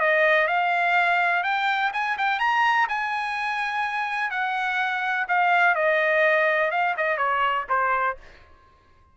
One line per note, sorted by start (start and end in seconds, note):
0.00 0.48 D#5
0.48 1.44 F5
1.44 1.92 G5
1.93 2.17 G#5
2.18 2.39 G5
2.39 2.87 A#5
2.89 4.31 G#5
4.31 5.27 F#5
5.28 5.75 F5
5.75 6.71 D#5
6.71 6.95 F5
6.97 7.17 D#5
7.17 7.65 C#5
7.69 8.17 C5